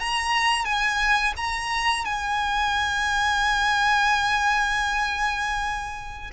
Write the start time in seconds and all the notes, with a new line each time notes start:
0.00 A#5
0.65 G#5
1.37 A#5
2.05 G#5